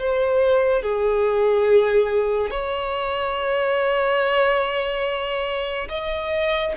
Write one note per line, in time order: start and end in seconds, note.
0.00 0.83 C5
0.83 2.51 G#4
2.51 5.89 C#5
5.89 6.74 D#5